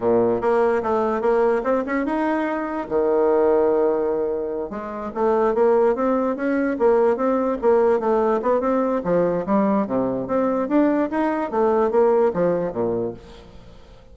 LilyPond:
\new Staff \with { instrumentName = "bassoon" } { \time 4/4 \tempo 4 = 146 ais,4 ais4 a4 ais4 | c'8 cis'8 dis'2 dis4~ | dis2.~ dis8 gis8~ | gis8 a4 ais4 c'4 cis'8~ |
cis'8 ais4 c'4 ais4 a8~ | a8 b8 c'4 f4 g4 | c4 c'4 d'4 dis'4 | a4 ais4 f4 ais,4 | }